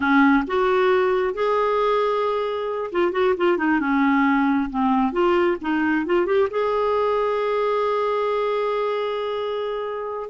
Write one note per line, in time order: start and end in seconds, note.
0.00 0.44 C#4
0.47 1.34 F#4
1.34 2.90 G#4
2.92 3.12 F4
3.12 3.34 F#4
3.37 3.57 F4
3.57 3.80 D#4
3.80 4.69 C#4
4.69 5.12 C4
5.12 5.57 F4
5.61 6.05 D#4
6.05 6.26 F4
6.26 6.48 G4
6.50 10.29 G#4